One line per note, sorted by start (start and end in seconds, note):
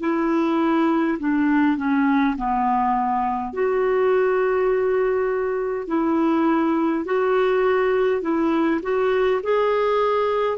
0.00 1.18 E4
1.19 1.76 D4
1.76 2.35 C#4
2.36 3.53 B3
3.53 5.87 F#4
5.87 7.05 E4
7.05 8.21 F#4
8.21 8.80 E4
8.82 9.41 F#4
9.43 10.58 G#4